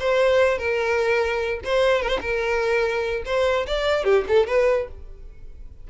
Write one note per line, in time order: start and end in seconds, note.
0.00 0.58 C5
0.58 1.60 A#4
1.64 2.02 C5
2.02 2.09 A#4
2.09 2.19 C5
2.21 3.23 A#4
3.26 3.66 C5
3.67 4.04 D5
4.04 4.24 G4
4.28 4.47 A4
4.47 4.88 B4